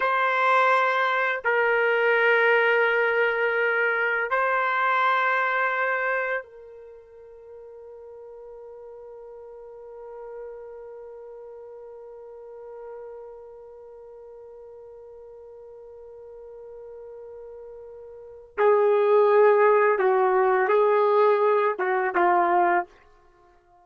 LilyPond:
\new Staff \with { instrumentName = "trumpet" } { \time 4/4 \tempo 4 = 84 c''2 ais'2~ | ais'2 c''2~ | c''4 ais'2.~ | ais'1~ |
ais'1~ | ais'1~ | ais'2 gis'2 | fis'4 gis'4. fis'8 f'4 | }